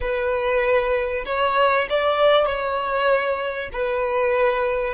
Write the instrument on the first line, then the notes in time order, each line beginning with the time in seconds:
violin
0.00 B4
1.25 C#5
1.89 D5
2.45 C#5
3.72 B4